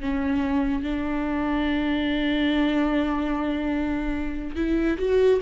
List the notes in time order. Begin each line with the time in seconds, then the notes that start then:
0.00 C#4
0.82 D4
4.55 E4
4.98 F#4